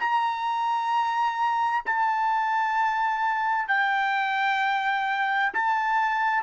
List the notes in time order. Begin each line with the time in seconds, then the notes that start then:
0.00 A#5
1.86 A5
3.68 G5
5.54 A5